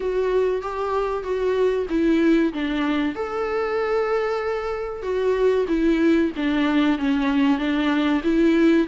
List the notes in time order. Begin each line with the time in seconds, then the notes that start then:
0.00 F#4
0.61 G4
1.23 F#4
1.89 E4
2.53 D4
3.15 A4
5.02 F#4
5.68 E4
6.36 D4
6.98 C#4
7.58 D4
8.23 E4